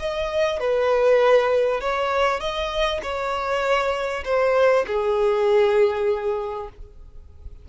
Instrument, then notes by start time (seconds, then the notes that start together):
violin
0.00 D#5
0.60 B4
1.81 C#5
2.41 D#5
3.03 C#5
4.25 C5
4.88 G#4